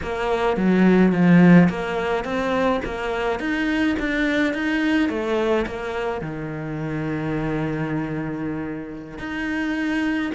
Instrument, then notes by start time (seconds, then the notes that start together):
cello
0.02 A#3
0.57 F#3
1.12 F3
1.69 A#3
2.24 C4
2.85 A#3
3.39 D#4
3.99 D4
4.53 D#4
5.09 A3
5.66 A#3
6.21 D#3
9.18 D#4